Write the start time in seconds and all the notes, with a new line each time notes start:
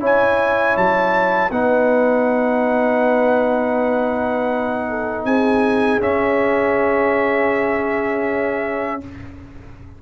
0.00 C#4 E4 C#5 G#5
0.77 F#3 A5
1.51 B3 D#4 B4 F#5
4.89 A4
5.25 C4 G#4 G#5
6.00 C#4 E5